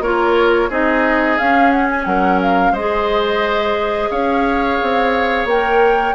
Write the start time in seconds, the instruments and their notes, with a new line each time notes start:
0.00 bassoon A#3, clarinet F4, oboe A#4, flute C#5
0.69 bassoon C4, clarinet D#4, oboe G#4, flute D#5
1.38 bassoon C#4, clarinet C#4, flute F5
1.70 flute F#5
1.89 flute G#5
2.05 bassoon F#3, oboe A#4, flute F#5
2.41 flute F5
2.71 bassoon G#3, oboe C5, flute D#5
2.78 clarinet G#4
4.10 bassoon C#4, oboe C#5, flute F5
4.82 bassoon C4
5.44 bassoon A#3, flute G5
5.51 clarinet A#4